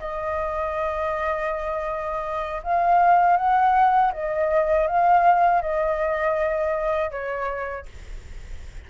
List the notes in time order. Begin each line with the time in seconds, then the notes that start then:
0.00 D#5
2.64 F5
3.37 F#5
4.13 D#5
4.88 F5
5.62 D#5
7.11 C#5